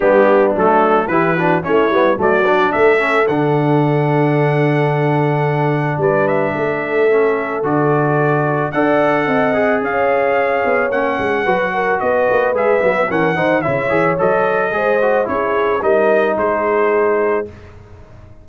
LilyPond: <<
  \new Staff \with { instrumentName = "trumpet" } { \time 4/4 \tempo 4 = 110 g'4 a'4 b'4 cis''4 | d''4 e''4 fis''2~ | fis''2. d''8 e''8~ | e''2 d''2 |
fis''2 f''2 | fis''2 dis''4 e''4 | fis''4 e''4 dis''2 | cis''4 dis''4 c''2 | }
  \new Staff \with { instrumentName = "horn" } { \time 4/4 d'2 g'8 fis'8 e'4 | fis'4 a'2.~ | a'2. b'4 | a'1 |
d''4 dis''4 cis''2~ | cis''4 b'8 ais'8 b'2 | ais'8 c''8 cis''2 c''4 | gis'4 ais'4 gis'2 | }
  \new Staff \with { instrumentName = "trombone" } { \time 4/4 b4 a4 e'8 d'8 cis'8 b8 | a8 d'4 cis'8 d'2~ | d'1~ | d'4 cis'4 fis'2 |
a'4. gis'2~ gis'8 | cis'4 fis'2 gis'8 b8 | cis'8 dis'8 e'8 gis'8 a'4 gis'8 fis'8 | e'4 dis'2. | }
  \new Staff \with { instrumentName = "tuba" } { \time 4/4 g4 fis4 e4 a8 g8 | fis4 a4 d2~ | d2. g4 | a2 d2 |
d'4 c'4 cis'4. b8 | ais8 gis8 fis4 b8 ais8 gis8 fis8 | e8 dis8 cis8 e8 fis4 gis4 | cis'4 g4 gis2 | }
>>